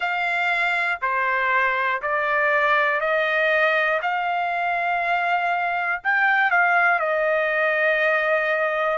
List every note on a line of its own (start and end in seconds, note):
0.00 0.99 F5
1.01 2.01 C5
2.02 3.00 D5
3.00 4.00 D#5
4.02 6.02 F5
6.03 6.50 G5
6.50 6.99 F5
6.99 8.97 D#5